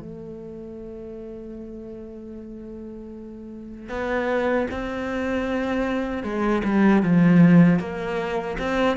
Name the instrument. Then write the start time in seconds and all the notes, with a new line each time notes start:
cello
0.00 A3
3.89 B3
4.71 C4
6.23 G#3
6.64 G3
7.02 F3
7.79 A#3
8.59 C4